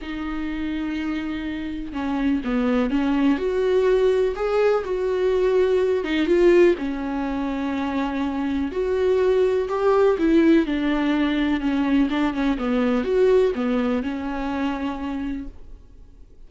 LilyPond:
\new Staff \with { instrumentName = "viola" } { \time 4/4 \tempo 4 = 124 dis'1 | cis'4 b4 cis'4 fis'4~ | fis'4 gis'4 fis'2~ | fis'8 dis'8 f'4 cis'2~ |
cis'2 fis'2 | g'4 e'4 d'2 | cis'4 d'8 cis'8 b4 fis'4 | b4 cis'2. | }